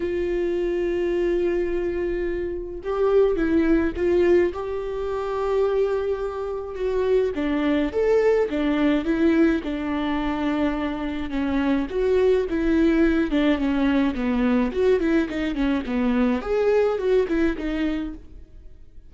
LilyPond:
\new Staff \with { instrumentName = "viola" } { \time 4/4 \tempo 4 = 106 f'1~ | f'4 g'4 e'4 f'4 | g'1 | fis'4 d'4 a'4 d'4 |
e'4 d'2. | cis'4 fis'4 e'4. d'8 | cis'4 b4 fis'8 e'8 dis'8 cis'8 | b4 gis'4 fis'8 e'8 dis'4 | }